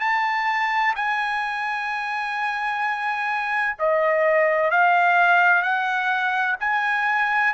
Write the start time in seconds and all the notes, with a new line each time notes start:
0.00 A5
0.95 G#5
3.78 D#5
4.70 F5
5.62 F#5
6.60 G#5